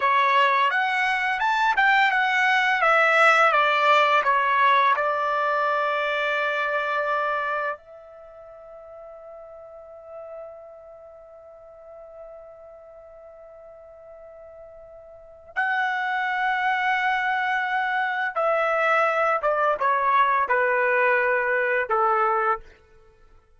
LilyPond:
\new Staff \with { instrumentName = "trumpet" } { \time 4/4 \tempo 4 = 85 cis''4 fis''4 a''8 g''8 fis''4 | e''4 d''4 cis''4 d''4~ | d''2. e''4~ | e''1~ |
e''1~ | e''2 fis''2~ | fis''2 e''4. d''8 | cis''4 b'2 a'4 | }